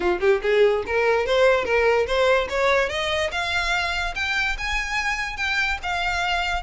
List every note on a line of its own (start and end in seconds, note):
0.00 0.19 F4
0.20 0.41 G4
0.42 0.83 G#4
0.86 1.25 A#4
1.25 1.65 C5
1.65 2.06 A#4
2.06 2.48 C5
2.49 2.89 C#5
2.89 3.30 D#5
3.31 4.14 F5
4.15 4.56 G5
4.57 5.36 G#5
5.36 5.78 G5
5.82 6.62 F5